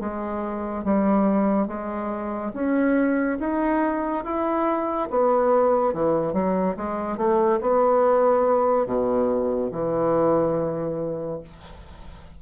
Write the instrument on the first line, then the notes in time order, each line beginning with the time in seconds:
bassoon
0.00 G#3
0.84 G3
1.67 G#3
2.54 C#4
3.40 D#4
4.24 E4
5.10 B3
5.93 E3
6.33 F#3
6.76 G#3
7.17 A3
7.61 B3
8.86 B2
9.71 E3